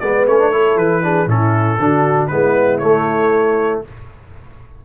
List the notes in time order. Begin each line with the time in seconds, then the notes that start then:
0.00 G#3 B3 B4 D5
0.27 A3 C#4 C#5
0.39 D4
0.52 E4 A4
0.77 E3 B4
1.03 D4 G#4
1.27 A2 C#4 E4 A4
1.79 D3 D4 F#4
2.27 G#3 B3 E4 B4
2.79 A3 C#5